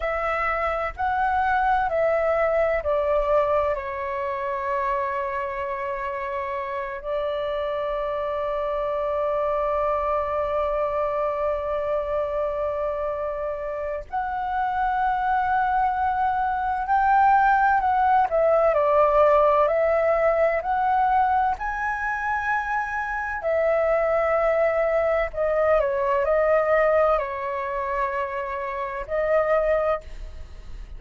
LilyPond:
\new Staff \with { instrumentName = "flute" } { \time 4/4 \tempo 4 = 64 e''4 fis''4 e''4 d''4 | cis''2.~ cis''8 d''8~ | d''1~ | d''2. fis''4~ |
fis''2 g''4 fis''8 e''8 | d''4 e''4 fis''4 gis''4~ | gis''4 e''2 dis''8 cis''8 | dis''4 cis''2 dis''4 | }